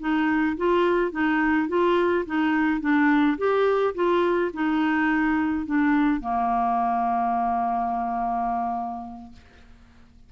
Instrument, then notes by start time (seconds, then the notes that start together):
clarinet
0.00 D#4
0.57 F4
1.12 D#4
1.69 F4
2.26 D#4
2.81 D4
3.38 G4
3.95 F4
4.53 D#4
5.66 D4
6.21 A#3